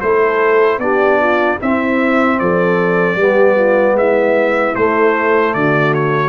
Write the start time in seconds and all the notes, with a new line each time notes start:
0.00 A3 E4 A4 C5
0.78 B3 D4 G4 D5
1.19 F4
1.60 C4 E4 E5
2.39 F3 A4 D5
3.15 G3 B3 G4
3.55 F4
3.94 G#3 E4 E5
4.75 A3 C5
5.54 D3 F#4 D5
5.94 C#5